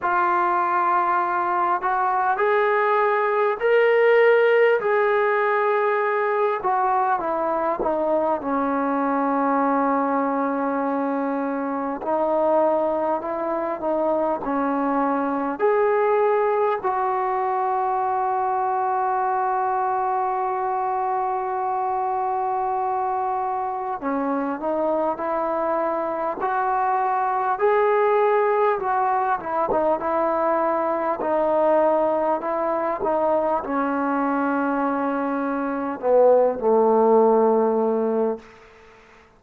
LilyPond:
\new Staff \with { instrumentName = "trombone" } { \time 4/4 \tempo 4 = 50 f'4. fis'8 gis'4 ais'4 | gis'4. fis'8 e'8 dis'8 cis'4~ | cis'2 dis'4 e'8 dis'8 | cis'4 gis'4 fis'2~ |
fis'1 | cis'8 dis'8 e'4 fis'4 gis'4 | fis'8 e'16 dis'16 e'4 dis'4 e'8 dis'8 | cis'2 b8 a4. | }